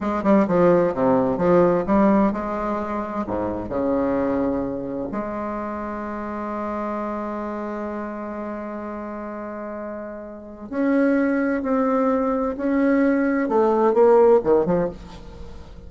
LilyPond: \new Staff \with { instrumentName = "bassoon" } { \time 4/4 \tempo 4 = 129 gis8 g8 f4 c4 f4 | g4 gis2 gis,4 | cis2. gis4~ | gis1~ |
gis1~ | gis2. cis'4~ | cis'4 c'2 cis'4~ | cis'4 a4 ais4 dis8 f8 | }